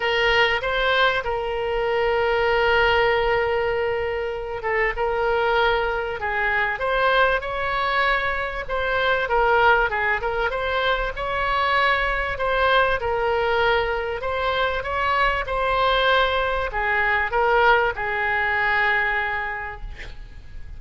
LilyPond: \new Staff \with { instrumentName = "oboe" } { \time 4/4 \tempo 4 = 97 ais'4 c''4 ais'2~ | ais'2.~ ais'8 a'8 | ais'2 gis'4 c''4 | cis''2 c''4 ais'4 |
gis'8 ais'8 c''4 cis''2 | c''4 ais'2 c''4 | cis''4 c''2 gis'4 | ais'4 gis'2. | }